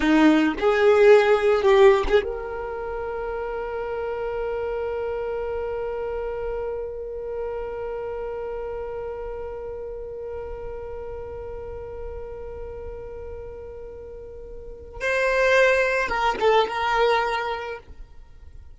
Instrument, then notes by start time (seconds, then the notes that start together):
violin
0.00 D#4
0.59 G#4
1.62 G4
2.08 G#4
2.23 A#4
15.00 C5
16.08 A#4
16.39 A4
16.67 A#4